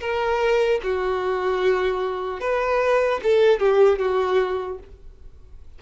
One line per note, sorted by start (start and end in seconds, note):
0.00 0.80 A#4
0.83 2.40 F#4
2.40 3.20 B4
3.23 3.59 A4
3.59 3.98 G4
3.98 4.78 F#4